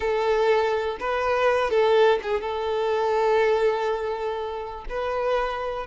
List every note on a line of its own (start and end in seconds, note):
0.00 0.97 A4
1.00 1.70 B4
1.70 2.19 A4
2.22 2.41 G#4
2.41 4.84 A4
4.89 5.86 B4